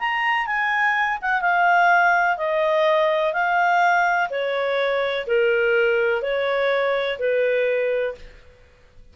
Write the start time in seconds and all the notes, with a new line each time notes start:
0.00 A#5
0.47 G#5
1.22 F#5
1.42 F5
2.38 D#5
3.34 F5
4.30 C#5
5.27 A#4
6.22 C#5
7.19 B4